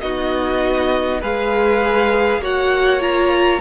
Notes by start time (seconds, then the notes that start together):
0.00 B3 D#4 F#4 D#5
1.20 G#3 G#4 B4 F5
2.38 A#3 F#4 C#5
2.44 F#5
3.00 F4 A#5